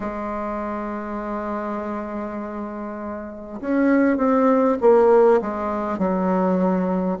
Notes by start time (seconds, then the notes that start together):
0.00 G#3
3.61 C#4
4.17 C4
4.81 A#3
5.41 G#3
5.98 F#3